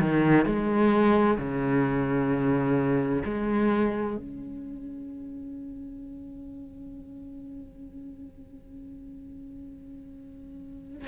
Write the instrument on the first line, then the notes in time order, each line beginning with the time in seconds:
cello
0.00 D#3
0.45 G#3
1.38 C#3
3.25 G#3
4.17 C#4